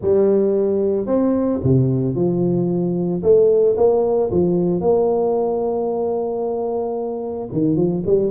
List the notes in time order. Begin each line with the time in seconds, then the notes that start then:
0.01 G3
1.06 C4
1.63 C3
2.15 F3
3.22 A3
3.76 A#3
4.31 F3
4.81 A#3
7.52 D#3
7.76 F3
8.06 G3